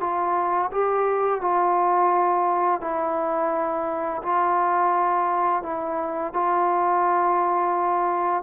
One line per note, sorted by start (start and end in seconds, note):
0.00 0.71 F4
0.71 1.41 G4
1.41 2.81 F4
2.81 4.22 E4
4.23 5.63 F4
5.63 6.33 E4
6.33 8.43 F4